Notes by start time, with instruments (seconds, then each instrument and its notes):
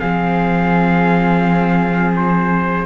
0.00 cello F3, viola C4, flute G#4, trumpet F5
2.16 trumpet C5